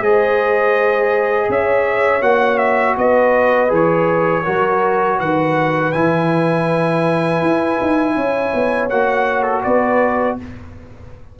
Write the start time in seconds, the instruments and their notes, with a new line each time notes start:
0.00 tuba G#3, trombone G#4, horn C5, trumpet D#5
1.49 tuba C#4, horn C#5, trumpet E5
2.21 tuba A#3, trombone F#4, trumpet F#5
2.58 trumpet E5
2.96 tuba B3, horn B4, trumpet D#5
3.68 tuba E3, trombone G#4
3.74 trumpet C#5
4.44 tuba F#3, trombone F#4, horn A#4
5.17 tuba D#3, horn B4, trumpet F#5
5.92 tuba E3, trombone E4, trumpet G#5
7.42 tuba E4
7.81 tuba D#4
8.16 tuba C#4, horn C#5
8.54 tuba B3
8.89 tuba A#3, trombone F#4, trumpet F#5
9.42 trumpet A4
9.63 tuba B3, horn B4, trumpet D5